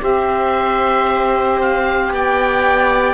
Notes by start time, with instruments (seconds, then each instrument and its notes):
0.00 cello C4, saxophone G4, viola C5, oboe E5
1.61 oboe F5
2.12 cello B3, viola D5, oboe G5